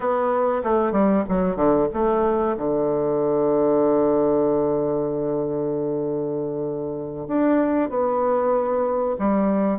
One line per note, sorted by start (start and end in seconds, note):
0.00 0.62 B3
0.63 0.92 A3
0.92 1.23 G3
1.28 1.56 F#3
1.56 1.87 D3
1.93 2.56 A3
2.57 7.27 D3
7.27 7.89 D4
7.89 9.16 B3
9.18 9.79 G3